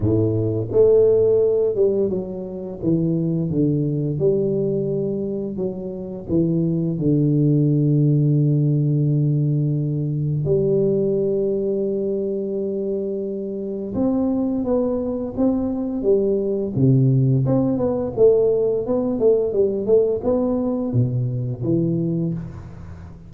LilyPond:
\new Staff \with { instrumentName = "tuba" } { \time 4/4 \tempo 4 = 86 a,4 a4. g8 fis4 | e4 d4 g2 | fis4 e4 d2~ | d2. g4~ |
g1 | c'4 b4 c'4 g4 | c4 c'8 b8 a4 b8 a8 | g8 a8 b4 b,4 e4 | }